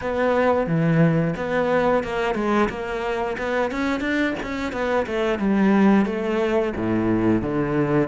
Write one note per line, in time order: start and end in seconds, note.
0.01 0.66 B3
0.66 1.34 E3
1.36 2.03 B3
2.03 2.34 A#3
2.34 2.68 G#3
2.69 3.36 A#3
3.38 3.71 B3
3.71 4.00 C#4
4.00 4.34 D4
4.42 4.72 C#4
4.72 5.06 B3
5.06 5.38 A3
5.38 6.05 G3
6.05 6.73 A3
6.76 7.42 A2
7.42 8.08 D3